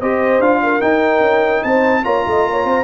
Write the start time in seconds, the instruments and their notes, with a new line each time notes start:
0.00 tuba C4, trombone G4, horn C5, trumpet D#5
0.39 tuba D4, trombone F4, trumpet F5
0.63 horn A#4
0.80 trombone D#4, tuba D#4, trumpet G5
1.20 tuba C#4
1.63 tuba C4, horn C5, trumpet A5
2.03 tuba A#3, trombone F4, horn C#5, trumpet A#5
2.26 tuba A3, horn D#5
2.45 tuba A#3, horn C#5
2.65 tuba C4, horn C5